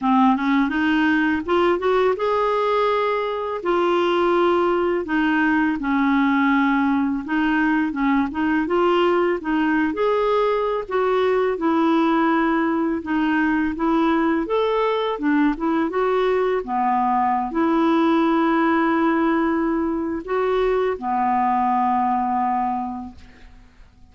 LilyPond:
\new Staff \with { instrumentName = "clarinet" } { \time 4/4 \tempo 4 = 83 c'8 cis'8 dis'4 f'8 fis'8 gis'4~ | gis'4 f'2 dis'4 | cis'2 dis'4 cis'8 dis'8 | f'4 dis'8. gis'4~ gis'16 fis'4 |
e'2 dis'4 e'4 | a'4 d'8 e'8 fis'4 b4~ | b16 e'2.~ e'8. | fis'4 b2. | }